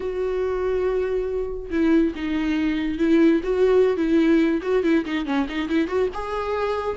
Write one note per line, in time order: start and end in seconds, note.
0.00 1.69 F#4
1.70 2.13 E4
2.15 2.98 D#4
2.98 3.41 E4
3.43 3.96 F#4
3.96 4.61 E4
4.62 4.83 F#4
4.83 5.04 E4
5.05 5.25 D#4
5.25 5.46 C#4
5.48 5.68 D#4
5.68 5.87 E4
5.87 6.09 F#4
6.14 6.96 G#4